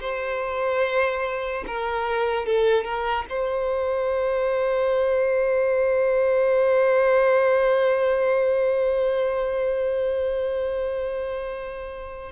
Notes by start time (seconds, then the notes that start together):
0.00 C5
1.67 A#4
2.45 A4
2.84 A#4
3.29 C5